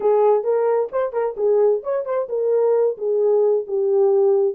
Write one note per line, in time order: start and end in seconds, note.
0.00 0.43 G#4
0.43 0.89 A#4
0.92 1.13 C5
1.13 1.35 A#4
1.37 1.82 G#4
1.83 2.05 C#5
2.05 2.28 C5
2.29 2.97 A#4
2.97 3.65 G#4
3.67 4.54 G4